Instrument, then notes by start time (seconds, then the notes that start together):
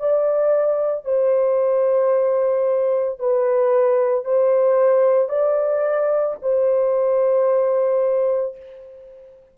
horn
0.00 D5
1.05 C5
3.19 B4
4.25 C5
5.29 D5
6.42 C5